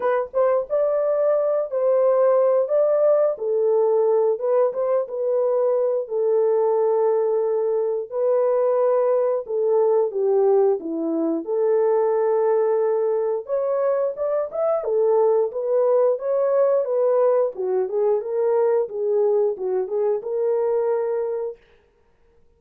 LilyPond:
\new Staff \with { instrumentName = "horn" } { \time 4/4 \tempo 4 = 89 b'8 c''8 d''4. c''4. | d''4 a'4. b'8 c''8 b'8~ | b'4 a'2. | b'2 a'4 g'4 |
e'4 a'2. | cis''4 d''8 e''8 a'4 b'4 | cis''4 b'4 fis'8 gis'8 ais'4 | gis'4 fis'8 gis'8 ais'2 | }